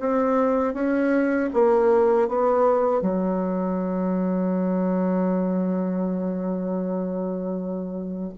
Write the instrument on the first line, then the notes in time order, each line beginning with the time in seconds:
bassoon
0.00 C4
0.74 C#4
1.53 A#3
2.28 B3
3.01 F#3